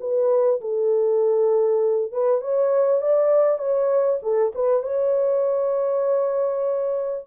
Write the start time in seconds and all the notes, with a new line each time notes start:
0.00 B4
0.61 A4
2.12 B4
2.41 C#5
3.02 D5
3.59 C#5
4.22 A4
4.55 B4
4.83 C#5